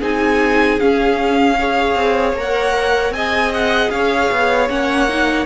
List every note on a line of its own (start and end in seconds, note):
0.00 0.80 C4
0.00 0.80 D#4
0.00 1.56 G#4
0.00 0.80 G#5
0.80 1.58 C#4
0.80 1.95 C#4
0.80 2.36 F5
1.59 2.36 G#4
1.59 3.15 C#5
1.95 2.33 C4
2.33 3.11 A#3
2.33 3.14 A#4
2.40 3.13 F#5
3.11 3.88 C4
3.11 4.69 G#4
3.11 3.93 D#5
3.11 3.52 G#5
3.54 3.91 F#5
3.91 4.30 C#4
3.91 5.46 C#5
3.91 4.69 F5
4.31 4.69 B3
4.69 5.46 A#3
4.69 5.08 C#4
4.69 5.46 F#5
5.09 5.46 D#4